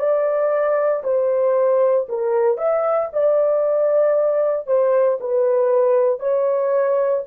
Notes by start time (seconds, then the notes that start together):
0.00 D5
1.04 C5
2.09 A#4
2.58 E5
3.13 D5
4.67 C5
5.21 B4
6.20 C#5